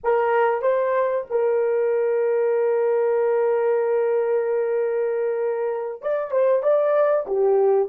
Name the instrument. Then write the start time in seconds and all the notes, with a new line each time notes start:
horn
0.03 A#4
0.61 C5
1.29 A#4
6.02 D5
6.31 C5
6.63 D5
7.27 G4